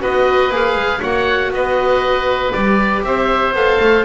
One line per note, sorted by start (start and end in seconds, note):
0.00 0.50 B3
0.00 0.50 F#4
0.00 1.00 B4
0.00 0.54 D#5
0.50 0.75 A#3
0.50 1.01 G#4
0.50 1.02 F5
0.75 1.00 G#3
1.00 1.51 A#3
1.00 2.52 F#4
1.00 1.51 C#5
1.00 1.53 F#5
1.51 2.52 B3
1.51 3.06 B4
1.51 2.52 D#5
2.52 3.02 G3
2.52 3.54 G4
2.52 3.03 D5
3.02 3.53 C4
3.02 4.05 C5
3.02 3.54 E5
3.53 3.78 B3
3.53 4.05 A4
3.53 4.05 F5
3.80 4.05 A3